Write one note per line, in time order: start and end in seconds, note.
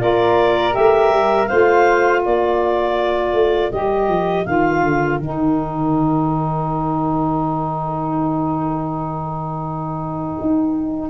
0.00 0.76 A#3
0.00 0.71 F4
0.00 1.49 A#4
0.00 0.74 D5
0.71 1.45 G4
0.71 1.47 E5
0.78 1.10 A3
1.10 1.47 G3
1.47 2.26 A3
1.47 3.71 F4
1.47 2.20 C5
1.47 2.21 F5
2.20 3.33 A#3
2.20 11.09 A#4
2.20 3.72 D5
3.33 3.70 A3
3.71 4.08 G3
3.71 4.45 G4
3.71 4.46 D#5
4.08 4.45 F3
4.46 4.82 D#3
4.46 5.20 F4
4.46 5.19 F5
4.82 5.19 D3
5.19 10.38 D#3
5.19 11.10 D#4
5.19 11.10 G5
10.41 11.10 D#4